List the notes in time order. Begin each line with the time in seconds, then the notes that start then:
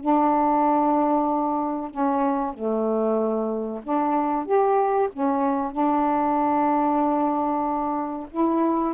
0.00 D4
1.91 C#4
2.54 A3
3.84 D4
4.45 G4
5.13 C#4
5.72 D4
8.31 E4